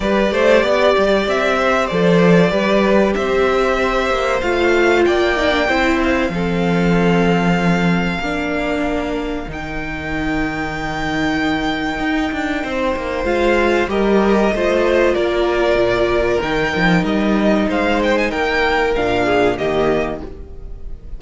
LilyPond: <<
  \new Staff \with { instrumentName = "violin" } { \time 4/4 \tempo 4 = 95 d''2 e''4 d''4~ | d''4 e''2 f''4 | g''4. f''2~ f''8~ | f''2. g''4~ |
g''1~ | g''4 f''4 dis''2 | d''2 g''4 dis''4 | f''8 g''16 gis''16 g''4 f''4 dis''4 | }
  \new Staff \with { instrumentName = "violin" } { \time 4/4 b'8 c''8 d''4. c''4. | b'4 c''2. | d''4 c''4 a'2~ | a'4 ais'2.~ |
ais'1 | c''2 ais'4 c''4 | ais'1 | c''4 ais'4. gis'8 g'4 | }
  \new Staff \with { instrumentName = "viola" } { \time 4/4 g'2. a'4 | g'2. f'4~ | f'8 dis'16 d'16 e'4 c'2~ | c'4 d'2 dis'4~ |
dis'1~ | dis'4 f'4 g'4 f'4~ | f'2 dis'2~ | dis'2 d'4 ais4 | }
  \new Staff \with { instrumentName = "cello" } { \time 4/4 g8 a8 b8 g8 c'4 f4 | g4 c'4. ais8 a4 | ais4 c'4 f2~ | f4 ais2 dis4~ |
dis2. dis'8 d'8 | c'8 ais8 gis4 g4 a4 | ais4 ais,4 dis8 f8 g4 | gis4 ais4 ais,4 dis4 | }
>>